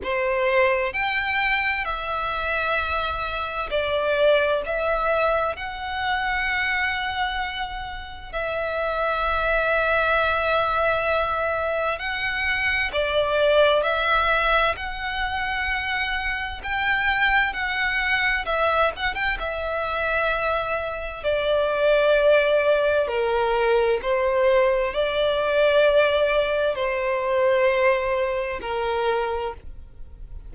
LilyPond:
\new Staff \with { instrumentName = "violin" } { \time 4/4 \tempo 4 = 65 c''4 g''4 e''2 | d''4 e''4 fis''2~ | fis''4 e''2.~ | e''4 fis''4 d''4 e''4 |
fis''2 g''4 fis''4 | e''8 fis''16 g''16 e''2 d''4~ | d''4 ais'4 c''4 d''4~ | d''4 c''2 ais'4 | }